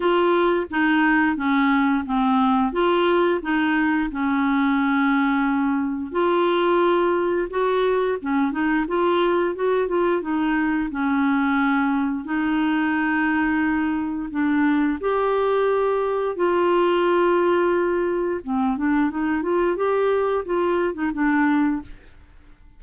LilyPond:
\new Staff \with { instrumentName = "clarinet" } { \time 4/4 \tempo 4 = 88 f'4 dis'4 cis'4 c'4 | f'4 dis'4 cis'2~ | cis'4 f'2 fis'4 | cis'8 dis'8 f'4 fis'8 f'8 dis'4 |
cis'2 dis'2~ | dis'4 d'4 g'2 | f'2. c'8 d'8 | dis'8 f'8 g'4 f'8. dis'16 d'4 | }